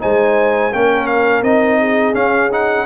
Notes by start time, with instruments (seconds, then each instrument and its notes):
0.00 tuba G#3, trombone D#4, horn C5, trumpet G#5
0.73 tuba A#3, trombone C#4, horn A#4, trumpet G5
1.07 trumpet F5
1.42 tuba C4, trombone D#4, trumpet D#5
1.79 horn G#4
2.14 trombone C#4, tuba C#4, trumpet F5
2.52 trombone D#4, trumpet F#5